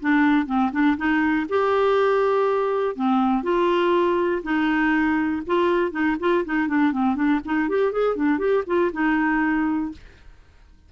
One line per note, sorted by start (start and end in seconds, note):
0.00 0.46 D4
0.46 0.71 C4
0.72 0.96 D4
0.97 1.47 D#4
1.49 2.95 G4
2.95 3.43 C4
3.43 4.42 F4
4.43 5.42 D#4
5.46 5.91 F4
5.91 6.16 D#4
6.19 6.44 F4
6.45 6.68 D#4
6.68 6.92 D4
6.92 7.15 C4
7.15 7.40 D4
7.44 7.69 D#4
7.69 7.92 G4
7.92 8.16 G#4
8.16 8.38 D4
8.38 8.63 G4
8.66 8.91 F4
8.92 9.92 D#4